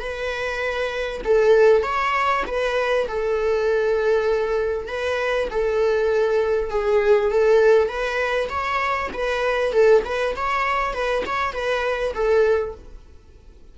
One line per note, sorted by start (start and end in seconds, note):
0.00 1.21 B4
1.25 1.83 A4
1.83 2.44 C#5
2.47 3.07 B4
3.08 4.88 A4
4.88 5.48 B4
5.50 6.70 A4
6.70 7.31 G#4
7.31 7.88 A4
7.88 8.49 B4
8.49 9.10 C#5
9.13 9.73 B4
9.73 10.03 A4
10.05 10.35 B4
10.36 10.93 C#5
10.93 11.24 B4
11.26 11.53 C#5
11.53 12.13 B4
12.14 12.74 A4